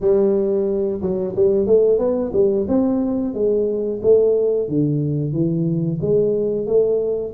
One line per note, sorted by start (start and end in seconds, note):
0.01 1.01 G3
1.01 1.35 F#3
1.35 1.66 G3
1.66 1.98 A3
1.98 2.31 B3
2.32 2.66 G3
2.68 3.33 C4
3.33 4.00 G#3
4.02 4.68 A3
4.68 5.32 D3
5.32 5.99 E3
6.01 6.66 G#3
6.66 7.33 A3